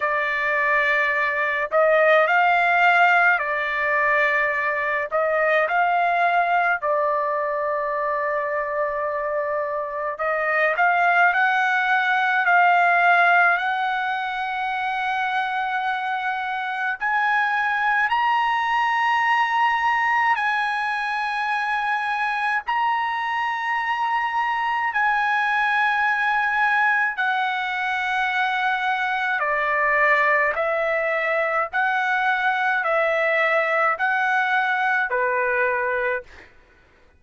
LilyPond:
\new Staff \with { instrumentName = "trumpet" } { \time 4/4 \tempo 4 = 53 d''4. dis''8 f''4 d''4~ | d''8 dis''8 f''4 d''2~ | d''4 dis''8 f''8 fis''4 f''4 | fis''2. gis''4 |
ais''2 gis''2 | ais''2 gis''2 | fis''2 d''4 e''4 | fis''4 e''4 fis''4 b'4 | }